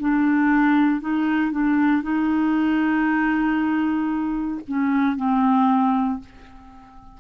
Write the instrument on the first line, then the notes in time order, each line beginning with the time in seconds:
clarinet
0.00 D4
1.01 D#4
1.51 D4
2.02 D#4
4.68 C#4
5.17 C4